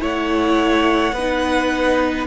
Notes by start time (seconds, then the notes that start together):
0.00 A3 E4 C#5 F#5
1.13 B3 D#4 B4